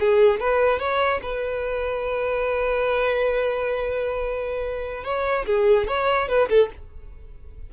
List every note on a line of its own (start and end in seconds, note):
0.00 0.41 G#4
0.41 0.80 B4
0.80 1.21 C#5
1.23 5.04 B4
5.04 5.46 C#5
5.47 5.88 G#4
5.88 6.29 C#5
6.29 6.49 B4
6.50 6.70 A4